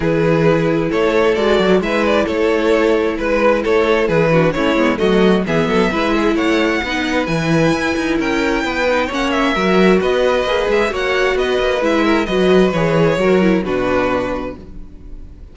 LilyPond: <<
  \new Staff \with { instrumentName = "violin" } { \time 4/4 \tempo 4 = 132 b'2 cis''4 d''4 | e''8 d''8 cis''2 b'4 | cis''4 b'4 cis''4 dis''4 | e''2 fis''2 |
gis''2 g''2 | fis''8 e''4. dis''4. e''8 | fis''4 dis''4 e''4 dis''4 | cis''2 b'2 | }
  \new Staff \with { instrumentName = "violin" } { \time 4/4 gis'2 a'2 | b'4 a'2 b'4 | a'4 gis'8 fis'8 e'4 fis'4 | gis'8 a'8 b'8 gis'8 cis''4 b'4~ |
b'2 ais'4 b'4 | cis''4 ais'4 b'2 | cis''4 b'4. ais'8 b'4~ | b'4 ais'4 fis'2 | }
  \new Staff \with { instrumentName = "viola" } { \time 4/4 e'2. fis'4 | e'1~ | e'4. d'8 cis'8 b8 a4 | b4 e'2 dis'4 |
e'2.~ e'8 dis'8 | cis'4 fis'2 gis'4 | fis'2 e'4 fis'4 | gis'4 fis'8 e'8 d'2 | }
  \new Staff \with { instrumentName = "cello" } { \time 4/4 e2 a4 gis8 fis8 | gis4 a2 gis4 | a4 e4 a8 gis8 fis4 | e8 fis8 gis4 a4 b4 |
e4 e'8 dis'8 cis'4 b4 | ais4 fis4 b4 ais8 gis8 | ais4 b8 ais8 gis4 fis4 | e4 fis4 b,2 | }
>>